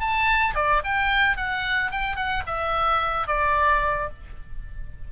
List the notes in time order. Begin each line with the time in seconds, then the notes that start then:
0.00 A5
0.55 D5
0.84 G5
1.36 F#5
1.91 G5
2.16 F#5
2.46 E5
3.27 D5